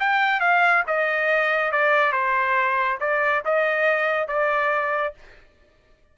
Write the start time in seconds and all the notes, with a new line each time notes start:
0.00 G5
0.40 F5
0.87 D#5
1.72 D5
2.12 C5
3.00 D5
3.45 D#5
4.28 D5